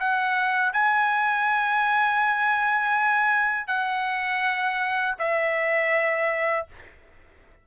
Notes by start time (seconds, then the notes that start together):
0.00 F#5
0.73 G#5
3.67 F#5
5.19 E5